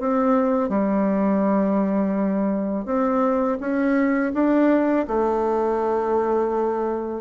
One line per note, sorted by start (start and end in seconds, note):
0.00 0.69 C4
0.69 2.86 G3
2.86 3.58 C4
3.60 4.33 C#4
4.34 5.06 D4
5.08 7.22 A3